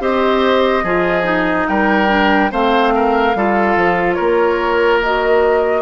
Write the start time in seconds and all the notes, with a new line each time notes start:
0.00 C4 G4 C5 D#5
0.84 F3 F4 G#4
1.24 D#4
1.68 G3 A#4 G5
2.09 D4
2.51 A3 C4 C5 F5
2.95 A#4
3.35 G3 F4 A4
3.76 F3
4.14 A#3 A#4 C#5
5.03 F#4 D#5